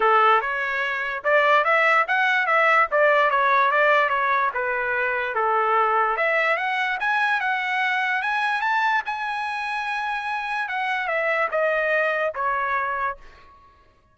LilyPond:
\new Staff \with { instrumentName = "trumpet" } { \time 4/4 \tempo 4 = 146 a'4 cis''2 d''4 | e''4 fis''4 e''4 d''4 | cis''4 d''4 cis''4 b'4~ | b'4 a'2 e''4 |
fis''4 gis''4 fis''2 | gis''4 a''4 gis''2~ | gis''2 fis''4 e''4 | dis''2 cis''2 | }